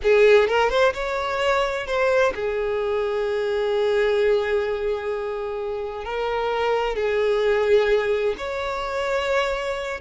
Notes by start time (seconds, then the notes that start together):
0.02 G#4
0.48 A#4
0.69 C5
0.93 C#5
1.86 C5
2.34 G#4
6.04 A#4
6.95 G#4
8.37 C#5